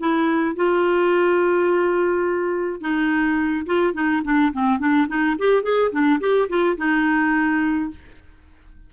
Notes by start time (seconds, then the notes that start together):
0.00 E4
0.56 F4
2.81 D#4
3.66 F4
3.94 D#4
4.25 D4
4.53 C4
4.80 D4
5.08 D#4
5.39 G4
5.63 G#4
5.92 D4
6.20 G4
6.49 F4
6.77 D#4